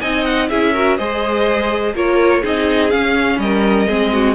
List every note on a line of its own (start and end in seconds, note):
0.00 0.50 C4
0.00 0.49 D#4
0.00 0.49 D#5
0.00 0.24 G#5
0.24 0.48 F#5
0.49 0.99 C#4
0.49 0.74 E4
0.49 0.73 G#4
0.49 0.97 E5
0.73 0.98 F#4
0.73 0.97 A#4
0.97 1.94 G#3
0.97 1.95 G#4
0.97 1.94 C5
0.97 1.94 D#5
1.94 2.43 A#3
1.94 2.42 F4
1.94 2.41 A#4
1.94 2.44 C#5
2.41 2.93 C4
2.41 2.90 D#4
2.41 3.38 G#4
2.41 2.90 D#5
2.90 3.87 C#4
2.90 3.38 C#4
2.90 3.39 F5
3.38 3.86 G3
3.38 3.88 A#4
3.38 4.35 D#5
3.88 4.35 G#3
3.88 4.35 C4
3.88 4.12 G#4
4.13 4.35 F#4